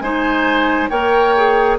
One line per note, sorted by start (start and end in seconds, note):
0.00 0.89 G#3
0.00 0.90 D#4
0.00 0.90 C5
0.00 0.88 G#5
0.90 1.79 A#3
0.90 1.35 A#4
0.90 1.78 C#5
0.90 1.78 G5
1.37 1.79 G#4